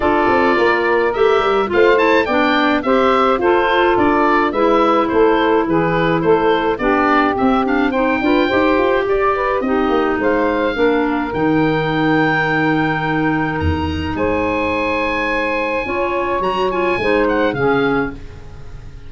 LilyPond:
<<
  \new Staff \with { instrumentName = "oboe" } { \time 4/4 \tempo 4 = 106 d''2 e''4 f''8 a''8 | g''4 e''4 c''4 d''4 | e''4 c''4 b'4 c''4 | d''4 e''8 f''8 g''2 |
d''4 dis''4 f''2 | g''1 | ais''4 gis''2.~ | gis''4 ais''8 gis''4 fis''8 f''4 | }
  \new Staff \with { instrumentName = "saxophone" } { \time 4/4 a'4 ais'2 c''4 | d''4 c''4 a'2 | b'4 a'4 gis'4 a'4 | g'2 c''8 b'8 c''4 |
d''8 b'8 g'4 c''4 ais'4~ | ais'1~ | ais'4 c''2. | cis''2 c''4 gis'4 | }
  \new Staff \with { instrumentName = "clarinet" } { \time 4/4 f'2 g'4 f'8 e'8 | d'4 g'4 f'2 | e'1 | d'4 c'8 d'8 dis'8 f'8 g'4~ |
g'4 dis'2 d'4 | dis'1~ | dis'1 | f'4 fis'8 f'8 dis'4 cis'4 | }
  \new Staff \with { instrumentName = "tuba" } { \time 4/4 d'8 c'8 ais4 a8 g8 a4 | b4 c'4 f'4 d'4 | gis4 a4 e4 a4 | b4 c'4. d'8 dis'8 f'8 |
g'4 c'8 ais8 gis4 ais4 | dis1 | e,4 gis2. | cis'4 fis4 gis4 cis4 | }
>>